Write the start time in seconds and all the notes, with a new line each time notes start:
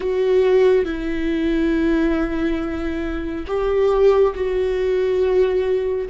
0.00 F#4
0.85 E4
3.47 G4
4.34 F#4